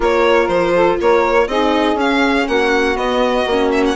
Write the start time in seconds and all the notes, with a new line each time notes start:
0.00 A#3 F4 A#4 C#5
0.47 F3 C5
0.74 A4
1.00 A#3 A#4 C#5
1.47 C4 D#4 G#4 D#5
1.94 C#4 F5
2.47 A#3 F#4 F#5
2.96 B3 D#5
3.46 A#3 C#4
3.71 E5
3.86 F#5